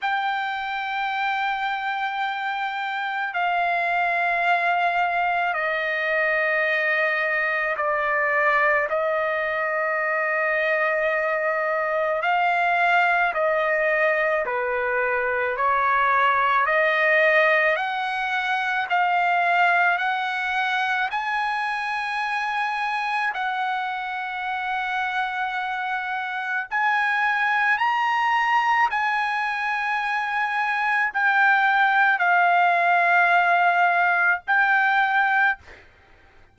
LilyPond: \new Staff \with { instrumentName = "trumpet" } { \time 4/4 \tempo 4 = 54 g''2. f''4~ | f''4 dis''2 d''4 | dis''2. f''4 | dis''4 b'4 cis''4 dis''4 |
fis''4 f''4 fis''4 gis''4~ | gis''4 fis''2. | gis''4 ais''4 gis''2 | g''4 f''2 g''4 | }